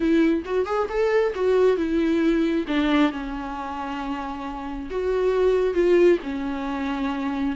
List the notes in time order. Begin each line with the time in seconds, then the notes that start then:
0.00 E4
0.45 F#4
0.65 G#4
0.89 A4
1.35 F#4
1.76 E4
2.67 D4
3.11 C#4
4.90 F#4
5.73 F4
6.23 C#4